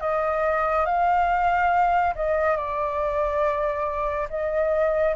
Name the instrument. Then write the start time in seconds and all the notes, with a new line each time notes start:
flute
0.00 D#5
0.85 F5
2.15 D#5
2.56 D5
4.29 D#5